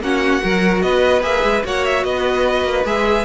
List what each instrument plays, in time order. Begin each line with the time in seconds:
0.00 cello A#3, viola C#4, violin F#4 F#5
0.40 cello F#3, viola F#4, violin A#4
0.82 cello B3, violin B4 D#5
1.22 cello A#3, viola G#4, violin E5
1.44 cello G#3
1.64 cello A#3, viola F#4, violin C#5 F#5
1.85 violin E5
2.04 cello B3, violin B4 D#5
2.64 cello A#3
2.85 cello G#3, viola G#4, violin E5